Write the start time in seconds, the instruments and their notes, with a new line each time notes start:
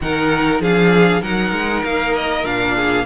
0.01 cello D#3, viola D#4, violin A#4 F#5
0.60 cello F3, viola D4, violin G#4 F5
1.21 cello F#3, viola D#4, violin A#4 F#5
1.52 cello G#3
1.83 cello A#3, violin F5
2.15 violin D#5
2.44 cello A#2, viola D4, violin F5
2.75 violin G#4